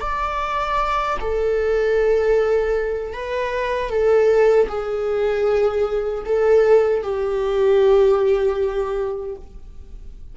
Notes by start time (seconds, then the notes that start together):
0.00 D5
1.20 A4
3.13 B4
3.89 A4
4.68 G#4
6.25 A4
7.02 G4